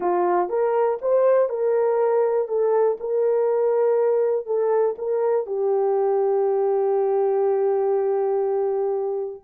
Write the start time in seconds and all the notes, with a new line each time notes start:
0.00 F4
0.49 A#4
1.01 C5
1.49 A#4
2.48 A4
3.00 A#4
4.46 A4
4.97 A#4
5.46 G4